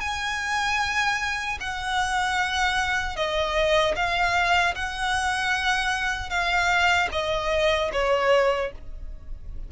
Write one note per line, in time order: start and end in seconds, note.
0.00 1.58 G#5
1.60 3.16 F#5
3.16 3.95 D#5
3.95 4.74 F5
4.75 6.29 F#5
6.29 7.08 F5
7.12 7.91 D#5
7.93 8.72 C#5